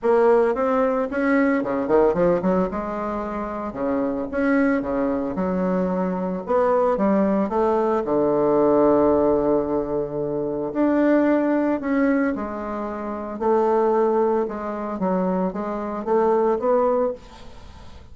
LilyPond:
\new Staff \with { instrumentName = "bassoon" } { \time 4/4 \tempo 4 = 112 ais4 c'4 cis'4 cis8 dis8 | f8 fis8 gis2 cis4 | cis'4 cis4 fis2 | b4 g4 a4 d4~ |
d1 | d'2 cis'4 gis4~ | gis4 a2 gis4 | fis4 gis4 a4 b4 | }